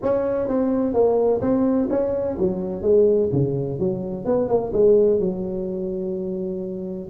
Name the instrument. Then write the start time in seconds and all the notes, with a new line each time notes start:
tuba
0.02 C#4
0.48 C4
0.93 A#3
1.41 C4
1.90 C#4
2.38 F#3
2.82 G#3
3.32 C#3
3.79 F#3
4.25 B3
4.48 A#3
4.72 G#3
5.19 F#3